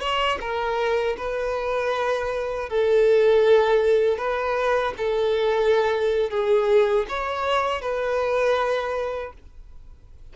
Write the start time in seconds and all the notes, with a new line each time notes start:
0.00 C#5
0.40 A#4
1.17 B4
2.69 A4
4.18 B4
4.97 A4
6.30 G#4
7.09 C#5
7.81 B4